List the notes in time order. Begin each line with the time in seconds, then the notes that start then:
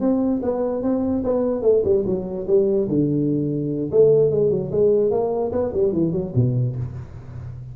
0.00 C4
0.42 B3
0.82 C4
1.24 B3
1.62 A3
1.84 G3
2.06 F#3
2.47 G3
2.88 D3
3.91 A3
4.30 G#3
4.50 F#3
4.71 G#3
5.11 A#3
5.52 B3
5.73 G3
5.92 E3
6.12 F#3
6.35 B2